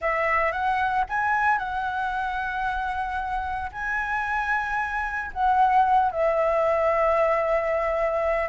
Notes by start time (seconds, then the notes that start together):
0.01 E5
0.51 F#5
1.09 G#5
1.58 F#5
3.71 G#5
5.33 F#5
6.11 E5